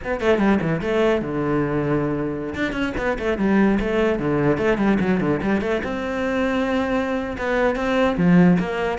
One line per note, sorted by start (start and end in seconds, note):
0.03 0.20 B3
0.20 0.38 A3
0.38 0.58 G3
0.61 0.81 E3
0.81 1.21 A3
1.21 2.54 D3
2.54 2.72 D4
2.72 2.92 C#4
2.97 3.18 B3
3.18 3.37 A3
3.37 3.78 G3
3.79 4.19 A3
4.19 4.57 D3
4.57 4.77 A3
4.77 4.98 G3
4.99 5.20 F#3
5.20 5.41 D3
5.42 5.61 G3
5.61 5.81 A3
5.83 7.36 C4
7.38 7.75 B3
7.75 8.16 C4
8.17 8.58 F3
8.59 8.98 A#3